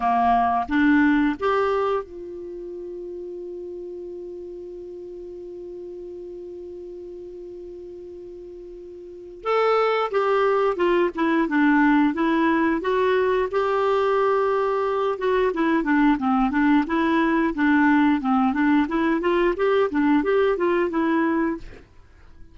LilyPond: \new Staff \with { instrumentName = "clarinet" } { \time 4/4 \tempo 4 = 89 ais4 d'4 g'4 f'4~ | f'1~ | f'1~ | f'2 a'4 g'4 |
f'8 e'8 d'4 e'4 fis'4 | g'2~ g'8 fis'8 e'8 d'8 | c'8 d'8 e'4 d'4 c'8 d'8 | e'8 f'8 g'8 d'8 g'8 f'8 e'4 | }